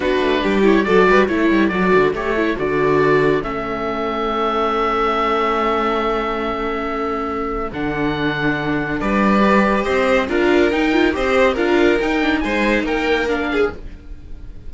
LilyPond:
<<
  \new Staff \with { instrumentName = "oboe" } { \time 4/4 \tempo 4 = 140 b'4. cis''8 d''4 cis''4 | d''4 cis''4 d''2 | e''1~ | e''1~ |
e''2 fis''2~ | fis''4 d''2 dis''4 | f''4 g''4 dis''4 f''4 | g''4 gis''4 g''4 f''4 | }
  \new Staff \with { instrumentName = "violin" } { \time 4/4 fis'4 g'4 a'8 b'8 a'4~ | a'1~ | a'1~ | a'1~ |
a'1~ | a'4 b'2 c''4 | ais'2 c''4 ais'4~ | ais'4 c''4 ais'4. gis'8 | }
  \new Staff \with { instrumentName = "viola" } { \time 4/4 d'4. e'8 fis'4 e'4 | fis'4 g'8 e'8 fis'2 | cis'1~ | cis'1~ |
cis'2 d'2~ | d'2 g'2 | f'4 dis'8 f'8 g'4 f'4 | dis'8 d'8 dis'2 d'4 | }
  \new Staff \with { instrumentName = "cello" } { \time 4/4 b8 a8 g4 fis8 g8 a8 g8 | fis8 d8 a4 d2 | a1~ | a1~ |
a2 d2~ | d4 g2 c'4 | d'4 dis'4 c'4 d'4 | dis'4 gis4 ais2 | }
>>